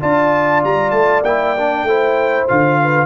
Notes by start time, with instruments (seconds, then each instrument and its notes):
0.00 tuba D4, trombone F4, horn D5, trumpet A5
0.63 tuba G3, trumpet A#5
0.90 tuba A3, trumpet A5
1.22 tuba A#3, trombone E4, trumpet G5
1.57 trombone D4
1.83 tuba A3, trombone E4, horn C5
2.47 tuba D3, trombone F4, trumpet F5
2.81 horn B4